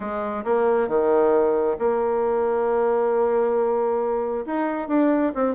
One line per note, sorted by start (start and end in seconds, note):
0.00 0.44 G#3
0.44 0.87 A#3
0.87 1.76 D#3
1.78 4.45 A#3
4.46 4.87 D#4
4.87 5.32 D4
5.34 5.54 C4